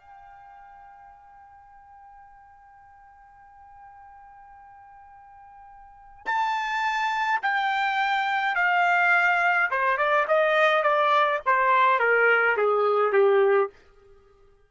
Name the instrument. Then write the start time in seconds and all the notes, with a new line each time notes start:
trumpet
0.00 G5
6.26 A5
7.43 G5
8.56 F5
9.71 C5
9.98 D5
10.28 D#5
10.83 D5
11.46 C5
12.00 A#4
12.57 G#4
13.13 G4